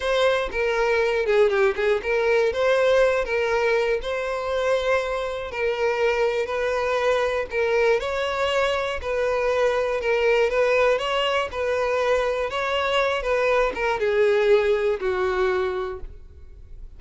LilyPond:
\new Staff \with { instrumentName = "violin" } { \time 4/4 \tempo 4 = 120 c''4 ais'4. gis'8 g'8 gis'8 | ais'4 c''4. ais'4. | c''2. ais'4~ | ais'4 b'2 ais'4 |
cis''2 b'2 | ais'4 b'4 cis''4 b'4~ | b'4 cis''4. b'4 ais'8 | gis'2 fis'2 | }